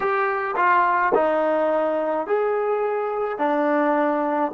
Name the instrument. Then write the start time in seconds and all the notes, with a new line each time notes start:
trombone
0.00 G4
0.56 F4
1.14 D#4
2.26 G#4
3.38 D4